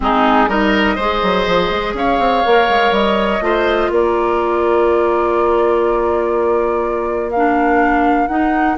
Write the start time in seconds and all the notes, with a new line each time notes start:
0.00 G#3 C4 D#4 G#4
0.48 G3 D#4 A#4 D#5
0.95 G#3 G#4 C5
1.22 F#3
1.46 F3
1.70 G#3
1.94 C#4 C#5 F5
2.18 C4
2.45 A#3 A#4
2.69 G#3
2.91 G3 D#5
3.40 A3 F4 C5
3.90 A#3 A#4 D5
7.31 D4 F5
8.27 D#4 F#5